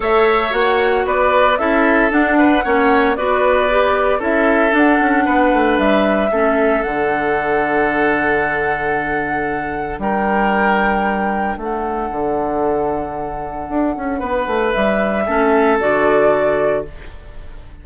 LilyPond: <<
  \new Staff \with { instrumentName = "flute" } { \time 4/4 \tempo 4 = 114 e''4 fis''4 d''4 e''4 | fis''2 d''2 | e''4 fis''2 e''4~ | e''4 fis''2.~ |
fis''2. g''4~ | g''2 fis''2~ | fis''1 | e''2 d''2 | }
  \new Staff \with { instrumentName = "oboe" } { \time 4/4 cis''2 b'4 a'4~ | a'8 b'8 cis''4 b'2 | a'2 b'2 | a'1~ |
a'2. ais'4~ | ais'2 a'2~ | a'2. b'4~ | b'4 a'2. | }
  \new Staff \with { instrumentName = "clarinet" } { \time 4/4 a'4 fis'2 e'4 | d'4 cis'4 fis'4 g'4 | e'4 d'2. | cis'4 d'2.~ |
d'1~ | d'1~ | d'1~ | d'4 cis'4 fis'2 | }
  \new Staff \with { instrumentName = "bassoon" } { \time 4/4 a4 ais4 b4 cis'4 | d'4 ais4 b2 | cis'4 d'8 cis'8 b8 a8 g4 | a4 d2.~ |
d2. g4~ | g2 a4 d4~ | d2 d'8 cis'8 b8 a8 | g4 a4 d2 | }
>>